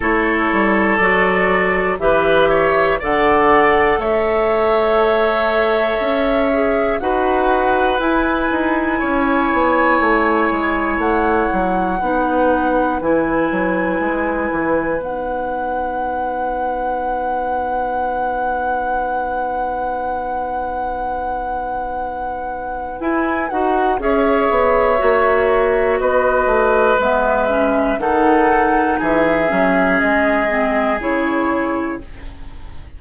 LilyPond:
<<
  \new Staff \with { instrumentName = "flute" } { \time 4/4 \tempo 4 = 60 cis''4 d''4 e''4 fis''4 | e''2. fis''4 | gis''2. fis''4~ | fis''4 gis''2 fis''4~ |
fis''1~ | fis''2. gis''8 fis''8 | e''2 dis''4 e''4 | fis''4 e''4 dis''4 cis''4 | }
  \new Staff \with { instrumentName = "oboe" } { \time 4/4 a'2 b'8 cis''8 d''4 | cis''2. b'4~ | b'4 cis''2. | b'1~ |
b'1~ | b'1 | cis''2 b'2 | a'4 gis'2. | }
  \new Staff \with { instrumentName = "clarinet" } { \time 4/4 e'4 fis'4 g'4 a'4~ | a'2~ a'8 gis'8 fis'4 | e'1 | dis'4 e'2 dis'4~ |
dis'1~ | dis'2. e'8 fis'8 | gis'4 fis'2 b8 cis'8 | dis'4. cis'4 c'8 e'4 | }
  \new Staff \with { instrumentName = "bassoon" } { \time 4/4 a8 g8 fis4 e4 d4 | a2 cis'4 dis'4 | e'8 dis'8 cis'8 b8 a8 gis8 a8 fis8 | b4 e8 fis8 gis8 e8 b4~ |
b1~ | b2. e'8 dis'8 | cis'8 b8 ais4 b8 a8 gis4 | dis4 e8 fis8 gis4 cis4 | }
>>